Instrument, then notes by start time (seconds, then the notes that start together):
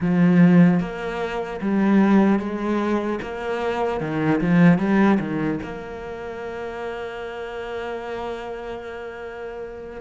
cello
0.00 F3
0.80 A#3
1.61 G3
2.39 G#3
3.21 A#3
4.00 D#3
4.40 F3
4.78 G3
5.19 D#3
5.62 A#3